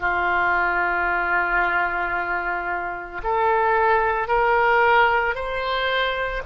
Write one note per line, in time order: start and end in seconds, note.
0.00 3.21 F4
3.24 4.28 A4
4.28 5.35 A#4
5.35 6.42 C5